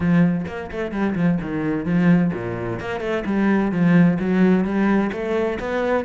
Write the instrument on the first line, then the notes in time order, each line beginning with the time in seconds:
cello
0.00 F3
0.47 A#3
0.71 A3
0.91 G3
1.15 F3
1.41 D#3
1.85 F3
2.33 A#2
2.79 A#3
3.00 A3
3.25 G3
3.71 F3
4.19 F#3
4.64 G3
5.12 A3
5.59 B3